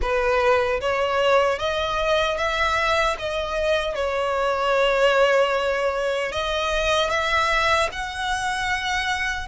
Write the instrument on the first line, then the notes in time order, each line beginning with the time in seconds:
violin
0.01 B4
0.80 C#5
1.59 D#5
2.37 E5
3.18 D#5
3.95 C#5
6.32 D#5
7.10 E5
7.92 F#5